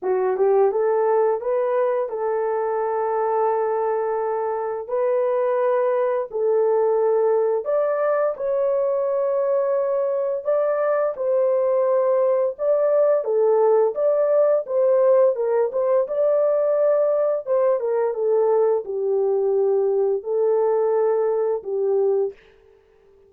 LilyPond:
\new Staff \with { instrumentName = "horn" } { \time 4/4 \tempo 4 = 86 fis'8 g'8 a'4 b'4 a'4~ | a'2. b'4~ | b'4 a'2 d''4 | cis''2. d''4 |
c''2 d''4 a'4 | d''4 c''4 ais'8 c''8 d''4~ | d''4 c''8 ais'8 a'4 g'4~ | g'4 a'2 g'4 | }